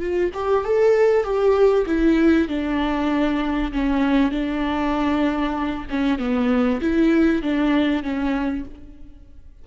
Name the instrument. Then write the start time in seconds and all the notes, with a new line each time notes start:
viola
0.00 F4
0.34 G4
0.65 A4
1.24 G4
1.87 E4
2.49 D4
3.73 C#4
4.32 D4
5.90 C#4
6.19 B3
6.82 E4
7.43 D4
8.03 C#4